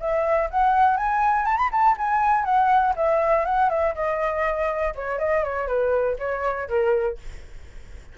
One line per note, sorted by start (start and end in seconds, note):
0.00 0.50 E5
0.50 0.97 F#5
0.97 1.46 G#5
1.46 1.57 A5
1.57 1.69 B5
1.72 1.97 A5
1.97 2.44 G#5
2.44 2.94 F#5
2.96 3.45 E5
3.45 3.70 F#5
3.70 3.95 E5
3.95 4.94 D#5
4.95 5.19 C#5
5.19 5.44 D#5
5.44 5.67 C#5
5.67 6.17 B4
6.19 6.69 C#5
6.69 7.18 A#4